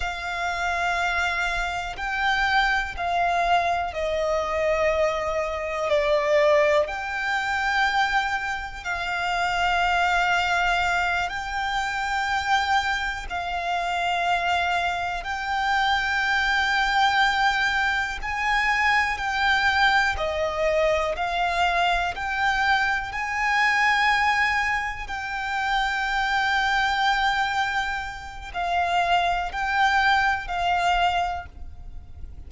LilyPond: \new Staff \with { instrumentName = "violin" } { \time 4/4 \tempo 4 = 61 f''2 g''4 f''4 | dis''2 d''4 g''4~ | g''4 f''2~ f''8 g''8~ | g''4. f''2 g''8~ |
g''2~ g''8 gis''4 g''8~ | g''8 dis''4 f''4 g''4 gis''8~ | gis''4. g''2~ g''8~ | g''4 f''4 g''4 f''4 | }